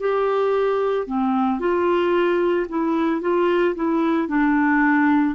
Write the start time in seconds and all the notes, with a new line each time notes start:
0.00 G4
1.07 C4
1.60 F4
2.69 E4
3.21 F4
3.75 E4
4.29 D4